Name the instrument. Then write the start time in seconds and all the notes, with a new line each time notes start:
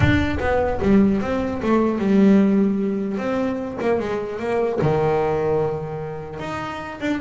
double bass
0.00 D4
0.40 B3
0.82 G3
1.21 C4
1.62 A3
1.99 G3
3.17 C4
3.81 A#3
3.99 G#3
4.39 A#3
4.81 D#3
6.39 D#4
7.00 D4